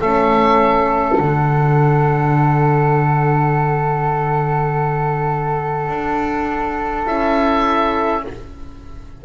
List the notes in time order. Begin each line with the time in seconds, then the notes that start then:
0.00 A3 C#4 A4 E5
1.18 D3 D4 F#5
5.89 D4
7.06 C#4 E4 E5